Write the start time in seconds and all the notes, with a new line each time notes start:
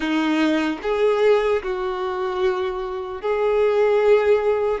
0.00 D#4
0.82 G#4
1.62 F#4
3.21 G#4